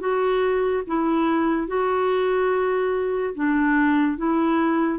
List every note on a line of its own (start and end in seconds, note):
0.00 0.83 F#4
0.87 1.67 E4
1.67 3.34 F#4
3.35 4.17 D4
4.17 4.99 E4